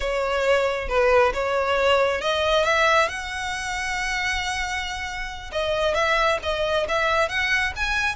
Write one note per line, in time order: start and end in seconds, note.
0.00 0.88 C#5
0.88 1.32 B4
1.33 2.21 C#5
2.21 2.64 D#5
2.64 3.08 E5
3.08 5.50 F#5
5.52 5.94 D#5
5.94 6.38 E5
6.43 6.87 D#5
6.88 7.28 E5
7.28 7.72 F#5
7.75 8.15 G#5